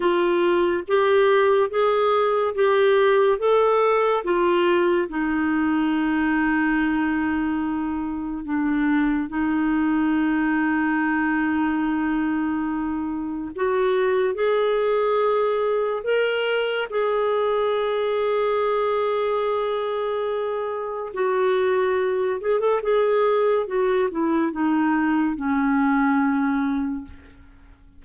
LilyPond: \new Staff \with { instrumentName = "clarinet" } { \time 4/4 \tempo 4 = 71 f'4 g'4 gis'4 g'4 | a'4 f'4 dis'2~ | dis'2 d'4 dis'4~ | dis'1 |
fis'4 gis'2 ais'4 | gis'1~ | gis'4 fis'4. gis'16 a'16 gis'4 | fis'8 e'8 dis'4 cis'2 | }